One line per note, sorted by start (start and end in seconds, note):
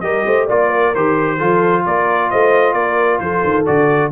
0.00 0.24 G3
0.00 0.49 G4
0.00 0.25 A#4
0.00 0.45 D#5
0.25 0.48 A3
0.25 0.46 C5
0.46 0.95 A#3
0.46 0.94 F4
0.46 0.68 D5
0.46 0.94 D5
0.68 1.36 A#4
0.94 1.41 D#3
0.94 1.39 G4
0.94 1.85 C5
1.37 1.86 F3
1.37 3.65 F4
1.37 1.82 A4
1.85 2.31 A#3
1.85 2.30 A#4
1.85 2.30 D5
2.30 2.73 A3
2.30 2.76 C5
2.30 2.73 D#5
2.73 3.19 A#3
2.73 3.21 A#4
2.73 3.19 D5
3.19 3.43 F3
3.19 4.12 A4
3.19 3.65 C5
3.43 3.66 D#3
3.65 4.12 D3
3.65 4.11 F#4
3.65 4.11 D5